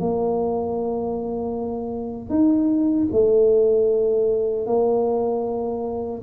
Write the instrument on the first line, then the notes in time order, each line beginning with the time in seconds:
tuba
0.00 A#3
2.30 D#4
3.12 A3
4.66 A#3